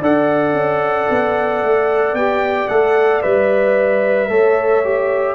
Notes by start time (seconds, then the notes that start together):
0.00 D4 A4 D5 F#5
0.53 C#4
1.10 B3
1.64 A3
2.14 B3 G4 G5
2.69 A3 A4 F#5
3.23 G3 B4 E5
4.29 A3 A4 C#5
4.85 G4